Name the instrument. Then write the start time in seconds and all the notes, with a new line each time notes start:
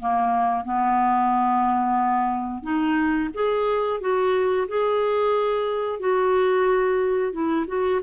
clarinet
0.00 A#3
0.65 B3
2.63 D#4
3.34 G#4
4.01 F#4
4.68 G#4
6.00 F#4
7.32 E4
7.68 F#4